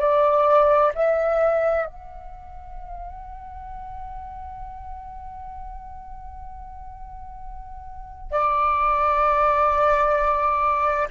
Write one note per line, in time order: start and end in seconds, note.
0.00 0.92 D5
0.95 1.86 E5
1.86 8.31 F#5
8.31 11.08 D5